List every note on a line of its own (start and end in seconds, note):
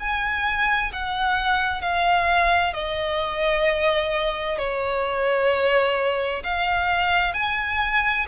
0.00 0.92 G#5
0.93 1.82 F#5
1.82 2.74 F5
2.74 4.59 D#5
4.59 6.43 C#5
6.44 7.34 F5
7.34 8.26 G#5